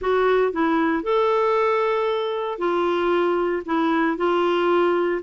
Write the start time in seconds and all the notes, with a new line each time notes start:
0.01 F#4
0.52 E4
1.03 A4
2.58 F4
3.65 E4
4.17 F4